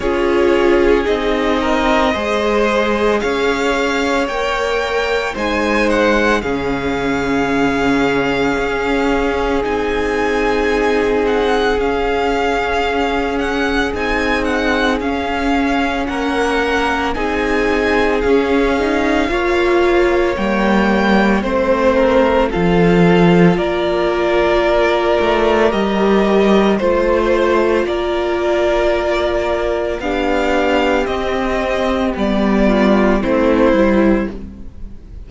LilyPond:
<<
  \new Staff \with { instrumentName = "violin" } { \time 4/4 \tempo 4 = 56 cis''4 dis''2 f''4 | g''4 gis''8 fis''8 f''2~ | f''4 gis''4. fis''8 f''4~ | f''8 fis''8 gis''8 fis''8 f''4 fis''4 |
gis''4 f''2 g''4 | c''4 f''4 d''2 | dis''4 c''4 d''2 | f''4 dis''4 d''4 c''4 | }
  \new Staff \with { instrumentName = "violin" } { \time 4/4 gis'4. ais'8 c''4 cis''4~ | cis''4 c''4 gis'2~ | gis'1~ | gis'2. ais'4 |
gis'2 cis''2 | c''8 ais'8 a'4 ais'2~ | ais'4 c''4 ais'2 | g'2~ g'8 f'8 e'4 | }
  \new Staff \with { instrumentName = "viola" } { \time 4/4 f'4 dis'4 gis'2 | ais'4 dis'4 cis'2~ | cis'4 dis'2 cis'4~ | cis'4 dis'4 cis'2 |
dis'4 cis'8 dis'8 f'4 ais4 | c'4 f'2. | g'4 f'2. | d'4 c'4 b4 c'8 e'8 | }
  \new Staff \with { instrumentName = "cello" } { \time 4/4 cis'4 c'4 gis4 cis'4 | ais4 gis4 cis2 | cis'4 c'2 cis'4~ | cis'4 c'4 cis'4 ais4 |
c'4 cis'4 ais4 g4 | a4 f4 ais4. a8 | g4 a4 ais2 | b4 c'4 g4 a8 g8 | }
>>